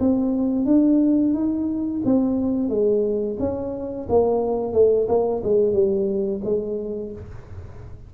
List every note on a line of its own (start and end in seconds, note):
0.00 0.66 C4
0.66 1.34 D4
1.34 2.02 D#4
2.05 2.69 C4
2.69 3.37 G#3
3.39 4.08 C#4
4.09 4.73 A#3
4.73 5.07 A3
5.09 5.43 A#3
5.44 5.73 G#3
5.73 6.41 G3
6.44 7.12 G#3